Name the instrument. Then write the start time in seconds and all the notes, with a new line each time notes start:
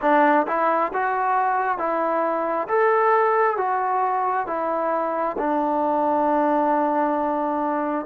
trombone
0.01 D4
0.47 E4
0.93 F#4
1.77 E4
2.67 A4
3.57 F#4
4.47 E4
5.37 D4